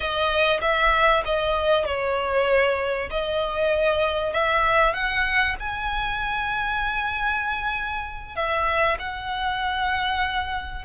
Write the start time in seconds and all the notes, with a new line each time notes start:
0.00 D#5
0.61 E5
1.25 D#5
1.85 C#5
3.10 D#5
4.32 E5
4.93 F#5
5.59 G#5
8.35 E5
8.99 F#5